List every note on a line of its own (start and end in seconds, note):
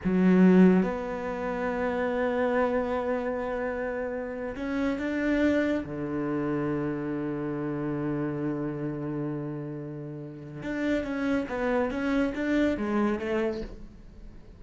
0.04 0.82 F#3
0.82 4.55 B3
4.56 4.98 C#4
4.98 5.84 D4
5.85 10.62 D3
10.62 11.03 D4
11.03 11.46 C#4
11.48 11.91 B3
11.91 12.33 C#4
12.35 12.77 D4
12.77 13.19 G#3
13.19 13.61 A3